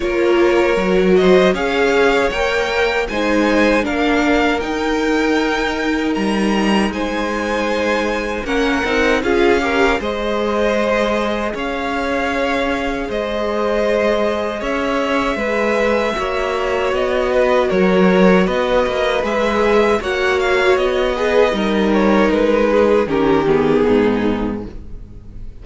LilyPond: <<
  \new Staff \with { instrumentName = "violin" } { \time 4/4 \tempo 4 = 78 cis''4. dis''8 f''4 g''4 | gis''4 f''4 g''2 | ais''4 gis''2 fis''4 | f''4 dis''2 f''4~ |
f''4 dis''2 e''4~ | e''2 dis''4 cis''4 | dis''4 e''4 fis''8 f''8 dis''4~ | dis''8 cis''8 b'4 ais'8 gis'4. | }
  \new Staff \with { instrumentName = "violin" } { \time 4/4 ais'4. c''8 cis''2 | c''4 ais'2.~ | ais'4 c''2 ais'4 | gis'8 ais'8 c''2 cis''4~ |
cis''4 c''2 cis''4 | b'4 cis''4. b'8 ais'4 | b'2 cis''4. b'8 | ais'4. gis'8 g'4 dis'4 | }
  \new Staff \with { instrumentName = "viola" } { \time 4/4 f'4 fis'4 gis'4 ais'4 | dis'4 d'4 dis'2~ | dis'2. cis'8 dis'8 | f'8 g'8 gis'2.~ |
gis'1~ | gis'4 fis'2.~ | fis'4 gis'4 fis'4. gis'8 | dis'2 cis'8 b4. | }
  \new Staff \with { instrumentName = "cello" } { \time 4/4 ais4 fis4 cis'4 ais4 | gis4 ais4 dis'2 | g4 gis2 ais8 c'8 | cis'4 gis2 cis'4~ |
cis'4 gis2 cis'4 | gis4 ais4 b4 fis4 | b8 ais8 gis4 ais4 b4 | g4 gis4 dis4 gis,4 | }
>>